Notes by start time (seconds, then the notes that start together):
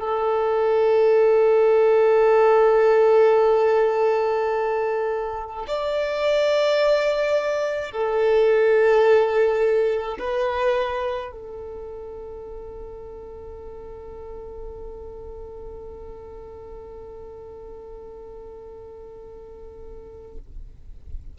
0.00 A4
5.68 D5
7.92 A4
10.19 B4
11.32 A4